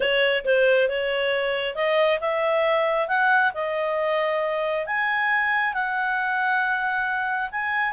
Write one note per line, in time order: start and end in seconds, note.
0.00 0.44 C#5
0.45 0.88 C5
0.88 1.75 C#5
1.75 2.19 D#5
2.20 3.08 E5
3.08 3.52 F#5
3.54 4.86 D#5
4.86 5.73 G#5
5.73 7.50 F#5
7.51 7.93 G#5